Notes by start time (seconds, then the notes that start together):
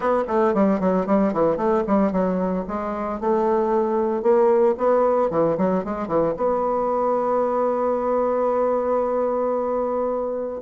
0.00 B3
0.27 A3
0.54 G3
0.80 F#3
1.06 G3
1.33 E3
1.56 A3
1.87 G3
2.11 F#3
2.67 G#3
3.20 A3
4.22 A#3
4.77 B3
5.30 E3
5.57 F#3
5.84 G#3
6.07 E3
6.36 B3